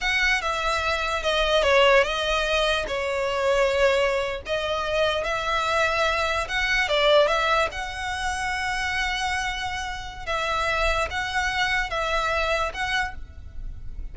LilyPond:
\new Staff \with { instrumentName = "violin" } { \time 4/4 \tempo 4 = 146 fis''4 e''2 dis''4 | cis''4 dis''2 cis''4~ | cis''2~ cis''8. dis''4~ dis''16~ | dis''8. e''2. fis''16~ |
fis''8. d''4 e''4 fis''4~ fis''16~ | fis''1~ | fis''4 e''2 fis''4~ | fis''4 e''2 fis''4 | }